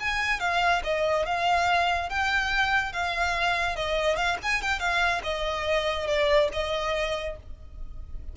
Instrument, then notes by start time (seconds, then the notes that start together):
violin
0.00 G#5
0.40 F5
0.84 D#5
1.26 F5
2.10 G5
2.93 F5
3.76 D#5
4.17 F5
4.43 G#5
4.62 G5
4.80 F5
5.24 D#5
6.07 D5
6.53 D#5